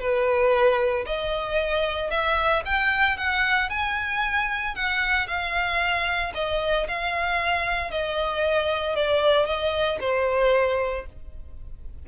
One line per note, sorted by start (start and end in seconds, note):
0.00 1.05 B4
1.06 2.11 D#5
2.11 2.63 E5
2.65 3.17 G5
3.17 3.70 F#5
3.70 4.75 G#5
4.75 5.27 F#5
5.27 6.32 F5
6.35 6.87 D#5
6.88 7.91 F5
7.91 8.96 D#5
8.96 9.46 D5
9.46 9.99 D#5
10.01 11.06 C5